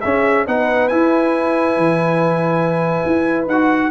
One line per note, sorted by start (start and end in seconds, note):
0.00 0.46 C#4
0.00 0.47 C#4
0.00 0.46 G#4
0.00 0.45 E5
0.46 0.92 B3
0.46 0.90 D#4
0.46 3.91 B4
0.46 0.88 F#5
0.88 3.47 E4
0.88 1.77 E4
0.88 3.45 G#5
1.77 3.00 E3
3.06 3.46 E4
3.46 3.91 D#4
3.46 3.91 F#5
3.52 3.91 F#4